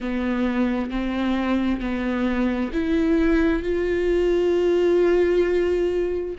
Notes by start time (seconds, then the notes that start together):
0.00 B3
0.90 C4
1.80 B3
2.72 E4
3.62 F4